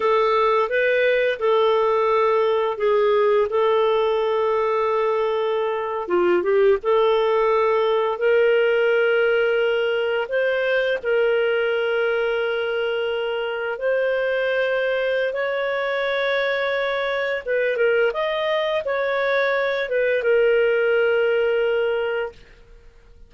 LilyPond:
\new Staff \with { instrumentName = "clarinet" } { \time 4/4 \tempo 4 = 86 a'4 b'4 a'2 | gis'4 a'2.~ | a'8. f'8 g'8 a'2 ais'16~ | ais'2~ ais'8. c''4 ais'16~ |
ais'2.~ ais'8. c''16~ | c''2 cis''2~ | cis''4 b'8 ais'8 dis''4 cis''4~ | cis''8 b'8 ais'2. | }